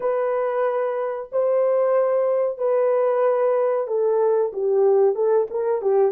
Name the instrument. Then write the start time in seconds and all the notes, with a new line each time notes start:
horn
0.00 B4
1.32 C5
2.58 B4
3.87 A4
4.52 G4
5.15 A4
5.50 A#4
5.81 G4